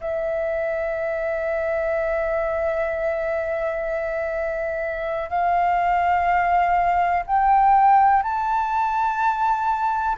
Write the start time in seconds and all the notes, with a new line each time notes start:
0.00 E5
5.29 F5
7.26 G5
8.23 A5